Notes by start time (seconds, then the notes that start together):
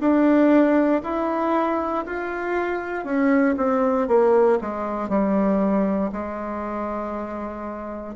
0.00 D4
1.03 E4
2.06 F4
3.05 C#4
3.57 C4
4.08 A#3
4.61 G#3
5.09 G3
6.12 G#3